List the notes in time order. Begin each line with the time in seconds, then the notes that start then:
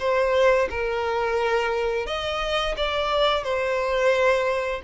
0.00 C5
0.71 A#4
2.07 D#5
2.77 D5
3.44 C5